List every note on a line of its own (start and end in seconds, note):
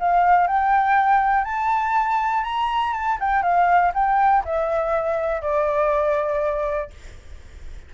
0.00 0.47 F5
0.47 1.45 G5
1.45 2.44 A5
2.44 2.93 A#5
2.93 3.18 A5
3.20 3.43 G5
3.43 3.92 F5
3.94 4.44 G5
4.45 5.42 E5
5.42 6.91 D5